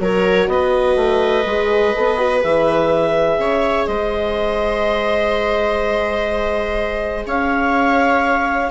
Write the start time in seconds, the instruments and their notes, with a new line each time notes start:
0.00 bassoon F#3, horn F#4, viola A#4, clarinet C#5
0.48 bassoon B3, viola B4, clarinet D#5
0.96 bassoon A3
1.46 bassoon G#3, horn G#4
1.96 bassoon B3, horn A4
2.18 horn F#4
2.41 bassoon E3, horn G#4, clarinet E5
3.38 bassoon C#3, viola C#5
3.86 bassoon G#3, viola C5, clarinet D#5
7.26 bassoon C#4, viola C#5, clarinet F5